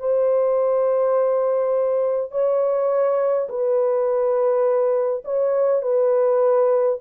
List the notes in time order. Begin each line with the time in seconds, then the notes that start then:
0.00 C5
2.32 C#5
3.49 B4
5.25 C#5
5.83 B4